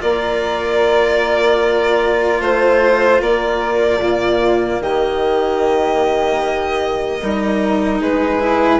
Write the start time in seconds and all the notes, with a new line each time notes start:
0.00 A#3 F4 A#4 D5
2.41 A3 C5
3.21 A#3 A#4 D5
4.00 A#2 A#3 F4
4.81 D#3 G4 D#5
7.21 G3 D#4 A#4
8.01 G#3 G#4 B4
8.39 E4